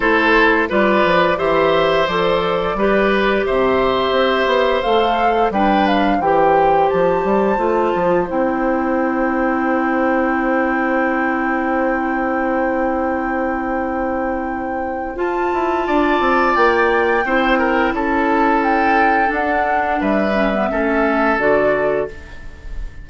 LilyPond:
<<
  \new Staff \with { instrumentName = "flute" } { \time 4/4 \tempo 4 = 87 c''4 d''4 e''4 d''4~ | d''4 e''2 f''4 | g''8 f''8 g''4 a''2 | g''1~ |
g''1~ | g''2 a''2 | g''2 a''4 g''4 | fis''4 e''2 d''4 | }
  \new Staff \with { instrumentName = "oboe" } { \time 4/4 a'4 b'4 c''2 | b'4 c''2. | b'4 c''2.~ | c''1~ |
c''1~ | c''2. d''4~ | d''4 c''8 ais'8 a'2~ | a'4 b'4 a'2 | }
  \new Staff \with { instrumentName = "clarinet" } { \time 4/4 e'4 f'4 g'4 a'4 | g'2. a'4 | d'4 g'2 f'4 | e'1~ |
e'1~ | e'2 f'2~ | f'4 e'2. | d'4. cis'16 b16 cis'4 fis'4 | }
  \new Staff \with { instrumentName = "bassoon" } { \time 4/4 a4 g8 f8 e4 f4 | g4 c4 c'8 b8 a4 | g4 e4 f8 g8 a8 f8 | c'1~ |
c'1~ | c'2 f'8 e'8 d'8 c'8 | ais4 c'4 cis'2 | d'4 g4 a4 d4 | }
>>